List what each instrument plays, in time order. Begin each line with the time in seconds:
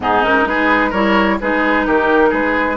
0.00 bassoon G#2, clarinet B3, oboe D#4, flute G#4
0.23 clarinet C#4, flute A#4
0.44 bassoon G#3, clarinet D#4, oboe G#4, flute B4
0.89 bassoon G3, clarinet E4, oboe A#4, flute C#5
1.40 bassoon G#3, clarinet D#4, oboe G#4, flute B4
1.86 bassoon D#3, oboe G4, flute A#4
2.29 bassoon G#3, oboe G#4, flute B4